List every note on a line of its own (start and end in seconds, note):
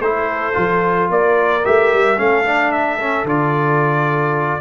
0.00 0.54 A3
0.00 0.54 E4
0.00 1.11 A4
0.00 1.09 C5
0.54 1.09 F3
0.54 1.62 F4
1.09 1.64 A#3
1.09 2.18 A#4
1.09 1.65 D5
1.65 1.93 A3
1.65 2.17 G4
1.65 2.19 E5
1.93 2.19 G3
2.17 3.24 A3
2.17 2.44 C#4
2.17 4.61 A4
2.17 2.72 F5
2.45 2.99 D4
2.72 3.26 E5
2.99 3.26 C#4
3.24 4.59 D3
3.24 4.61 F4
3.24 4.61 D5